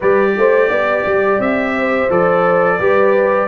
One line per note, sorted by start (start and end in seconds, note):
0.00 0.36 G3
0.00 2.09 G4
0.00 0.32 B4
0.00 1.40 D5
0.36 0.69 A3
0.36 0.68 C5
0.68 1.04 B3
0.68 1.73 D5
1.05 1.39 G3
1.39 2.09 C4
1.39 2.10 E5
1.77 2.78 C5
2.09 2.79 F3
2.09 2.79 A4
2.09 3.48 D5
2.78 3.48 G3
2.78 3.48 G4
2.78 3.48 B4